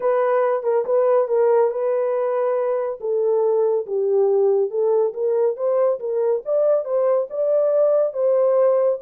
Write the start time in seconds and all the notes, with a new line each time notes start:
0.00 B4
0.63 A#4
0.85 B4
1.28 A#4
1.70 B4
3.00 A4
3.86 G4
4.70 A4
5.13 A#4
5.56 C5
5.99 A#4
6.45 D5
6.85 C5
7.30 D5
8.13 C5